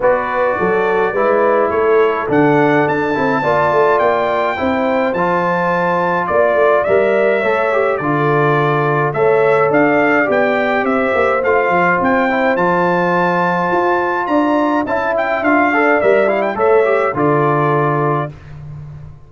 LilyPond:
<<
  \new Staff \with { instrumentName = "trumpet" } { \time 4/4 \tempo 4 = 105 d''2. cis''4 | fis''4 a''2 g''4~ | g''4 a''2 d''4 | e''2 d''2 |
e''4 f''4 g''4 e''4 | f''4 g''4 a''2~ | a''4 ais''4 a''8 g''8 f''4 | e''8 f''16 g''16 e''4 d''2 | }
  \new Staff \with { instrumentName = "horn" } { \time 4/4 b'4 a'4 b'4 a'4~ | a'2 d''2 | c''2. d''4~ | d''4 cis''4 a'2 |
cis''4 d''2 c''4~ | c''1~ | c''4 d''4 e''4. d''8~ | d''4 cis''4 a'2 | }
  \new Staff \with { instrumentName = "trombone" } { \time 4/4 fis'2 e'2 | d'4. e'8 f'2 | e'4 f'2. | ais'4 a'8 g'8 f'2 |
a'2 g'2 | f'4. e'8 f'2~ | f'2 e'4 f'8 a'8 | ais'8 e'8 a'8 g'8 f'2 | }
  \new Staff \with { instrumentName = "tuba" } { \time 4/4 b4 fis4 gis4 a4 | d4 d'8 c'8 ais8 a8 ais4 | c'4 f2 ais8 a8 | g4 a4 d2 |
a4 d'4 b4 c'8 ais8 | a8 f8 c'4 f2 | f'4 d'4 cis'4 d'4 | g4 a4 d2 | }
>>